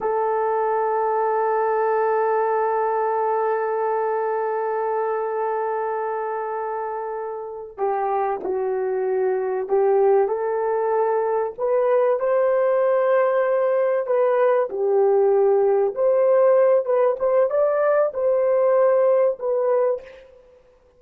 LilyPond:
\new Staff \with { instrumentName = "horn" } { \time 4/4 \tempo 4 = 96 a'1~ | a'1~ | a'1~ | a'8 g'4 fis'2 g'8~ |
g'8 a'2 b'4 c''8~ | c''2~ c''8 b'4 g'8~ | g'4. c''4. b'8 c''8 | d''4 c''2 b'4 | }